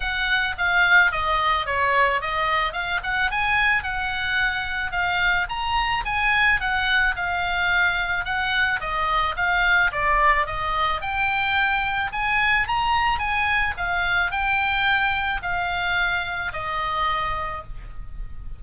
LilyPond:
\new Staff \with { instrumentName = "oboe" } { \time 4/4 \tempo 4 = 109 fis''4 f''4 dis''4 cis''4 | dis''4 f''8 fis''8 gis''4 fis''4~ | fis''4 f''4 ais''4 gis''4 | fis''4 f''2 fis''4 |
dis''4 f''4 d''4 dis''4 | g''2 gis''4 ais''4 | gis''4 f''4 g''2 | f''2 dis''2 | }